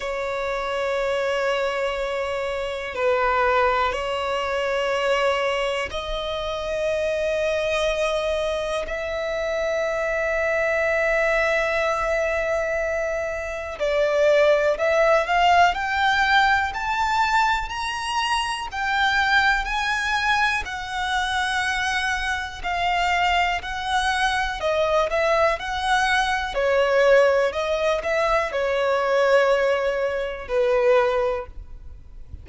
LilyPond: \new Staff \with { instrumentName = "violin" } { \time 4/4 \tempo 4 = 61 cis''2. b'4 | cis''2 dis''2~ | dis''4 e''2.~ | e''2 d''4 e''8 f''8 |
g''4 a''4 ais''4 g''4 | gis''4 fis''2 f''4 | fis''4 dis''8 e''8 fis''4 cis''4 | dis''8 e''8 cis''2 b'4 | }